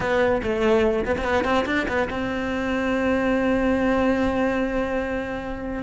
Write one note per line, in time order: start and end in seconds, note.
0.00 0.41 B3
0.42 1.05 A3
1.05 1.16 B3
1.17 1.23 C4
1.23 1.44 B3
1.44 1.65 C4
1.66 1.87 D4
1.87 2.08 B3
2.10 5.83 C4